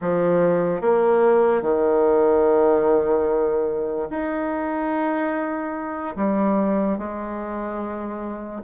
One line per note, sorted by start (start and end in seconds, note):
0.01 0.81 F3
0.81 1.62 A#3
1.62 4.08 D#3
4.09 6.15 D#4
6.16 6.98 G3
6.98 8.62 G#3